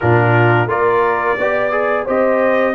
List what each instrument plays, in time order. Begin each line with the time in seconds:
0.00 tuba A#2, trombone D4, horn F4, trumpet A#4
0.67 tuba A#3, trombone F4, horn A#4, trumpet D5
1.37 tuba B3, trombone G4, horn D5
1.71 trombone G#4
2.05 tuba C4, trombone G4, horn C5, trumpet D#5